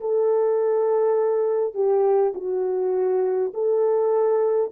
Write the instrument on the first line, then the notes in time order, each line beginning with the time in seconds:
horn
0.00 A4
1.74 G4
2.35 F#4
3.53 A4